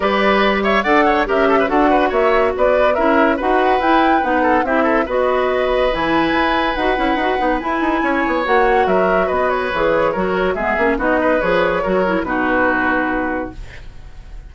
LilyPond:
<<
  \new Staff \with { instrumentName = "flute" } { \time 4/4 \tempo 4 = 142 d''4. e''8 fis''4 e''4 | fis''4 e''4 d''4 e''4 | fis''4 g''4 fis''4 e''4 | dis''2 gis''2 |
fis''2 gis''2 | fis''4 e''4 dis''8 cis''4.~ | cis''4 e''4 dis''4 cis''4~ | cis''4 b'2. | }
  \new Staff \with { instrumentName = "oboe" } { \time 4/4 b'4. cis''8 d''8 cis''8 ais'8 a'16 b'16 | a'8 b'8 cis''4 b'4 ais'4 | b'2~ b'8 a'8 g'8 a'8 | b'1~ |
b'2. cis''4~ | cis''4 ais'4 b'2 | ais'4 gis'4 fis'8 b'4. | ais'4 fis'2. | }
  \new Staff \with { instrumentName = "clarinet" } { \time 4/4 g'2 a'4 g'4 | fis'2. e'4 | fis'4 e'4 dis'4 e'4 | fis'2 e'2 |
fis'8 e'8 fis'8 dis'8 e'2 | fis'2. gis'4 | fis'4 b8 cis'8 dis'4 gis'4 | fis'8 e'8 dis'2. | }
  \new Staff \with { instrumentName = "bassoon" } { \time 4/4 g2 d'4 cis'4 | d'4 ais4 b4 cis'4 | dis'4 e'4 b4 c'4 | b2 e4 e'4 |
dis'8 cis'8 dis'8 b8 e'8 dis'8 cis'8 b8 | ais4 fis4 b4 e4 | fis4 gis8 ais8 b4 f4 | fis4 b,2. | }
>>